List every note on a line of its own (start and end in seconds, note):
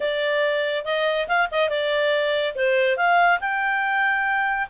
0.00 0.84 D5
0.85 1.27 D#5
1.27 1.49 F5
1.51 1.69 D#5
1.69 2.54 D5
2.55 2.96 C5
2.96 3.39 F5
3.40 4.68 G5